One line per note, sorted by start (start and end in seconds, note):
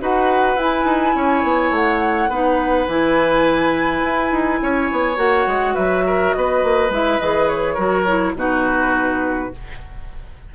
0.00 0.56 D#4
0.00 0.57 F#4
0.00 1.16 B4
0.00 0.58 F#5
0.56 0.84 E4
0.56 2.30 E4
0.56 1.74 G#5
0.84 1.13 D#4
1.15 1.43 C#4
1.15 2.29 C#5
1.43 1.70 B3
1.70 2.28 A3
1.70 2.88 F#5
2.28 2.86 B3
2.28 2.88 D#4
2.28 4.60 B4
2.87 4.02 E3
2.87 5.16 E4
2.87 5.17 G#5
4.04 4.31 E4
4.31 4.60 D#4
4.61 4.90 C#4
4.61 5.74 C#5
4.91 5.17 B3
5.16 5.46 A#3
5.16 6.89 F#4
5.16 5.75 F#5
5.46 5.75 G#3
5.74 6.34 F#3
5.74 6.03 B4
5.74 6.32 E5
6.06 6.35 A#4
6.32 6.63 B3
6.32 7.74 B4
6.32 6.90 D#5
6.63 6.90 A#3
6.90 7.18 G#3
6.90 7.20 E4
6.90 7.19 E5
7.19 7.77 E3
7.19 7.77 G#4
7.19 7.48 D#5
7.48 8.34 C#5
7.74 8.34 F#3
7.74 8.06 F#4
7.74 8.32 A#4
8.06 8.35 E4
8.34 9.50 B2
8.34 9.51 D#4
8.34 9.53 F#4
8.34 9.54 B4